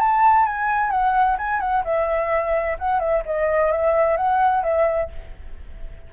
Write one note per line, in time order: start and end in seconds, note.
0.00 0.46 A5
0.46 0.91 G#5
0.91 1.37 F#5
1.38 1.60 G#5
1.60 1.83 F#5
1.85 2.78 E5
2.79 3.00 F#5
3.00 3.23 E5
3.26 3.72 D#5
3.72 4.17 E5
4.17 4.63 F#5
4.63 5.10 E5